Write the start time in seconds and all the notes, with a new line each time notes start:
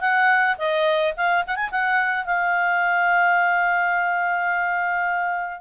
0.00 F#5
0.58 D#5
1.16 F5
1.47 F#5
1.55 G#5
1.71 F#5
2.25 F5